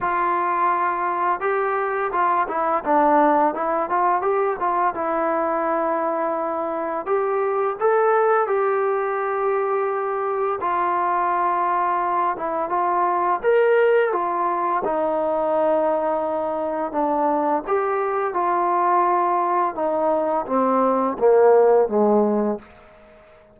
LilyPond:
\new Staff \with { instrumentName = "trombone" } { \time 4/4 \tempo 4 = 85 f'2 g'4 f'8 e'8 | d'4 e'8 f'8 g'8 f'8 e'4~ | e'2 g'4 a'4 | g'2. f'4~ |
f'4. e'8 f'4 ais'4 | f'4 dis'2. | d'4 g'4 f'2 | dis'4 c'4 ais4 gis4 | }